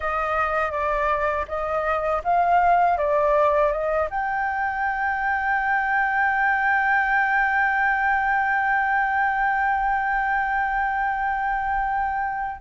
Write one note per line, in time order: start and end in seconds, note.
0.00 0.71 D#5
0.71 1.45 D5
1.47 2.22 D#5
2.24 2.97 F5
2.97 3.71 D5
3.72 4.09 D#5
4.10 12.61 G5